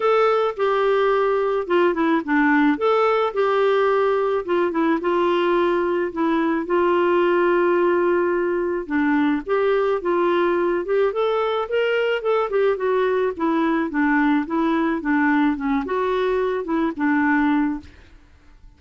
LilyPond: \new Staff \with { instrumentName = "clarinet" } { \time 4/4 \tempo 4 = 108 a'4 g'2 f'8 e'8 | d'4 a'4 g'2 | f'8 e'8 f'2 e'4 | f'1 |
d'4 g'4 f'4. g'8 | a'4 ais'4 a'8 g'8 fis'4 | e'4 d'4 e'4 d'4 | cis'8 fis'4. e'8 d'4. | }